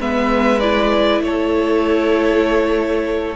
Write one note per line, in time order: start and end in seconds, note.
0.00 1.20 G#3
0.00 0.61 B3
0.00 1.22 B4
0.00 0.60 E5
0.60 3.36 E4
0.60 1.21 D5
1.20 3.34 A3
1.20 3.36 A4
1.20 3.36 C#5